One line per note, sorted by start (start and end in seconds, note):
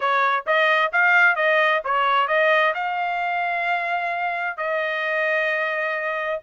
0.00 0.45 C#5
0.46 0.92 D#5
0.92 1.35 F5
1.35 1.81 D#5
1.84 2.27 C#5
2.27 2.73 D#5
2.74 4.57 F5
4.57 6.40 D#5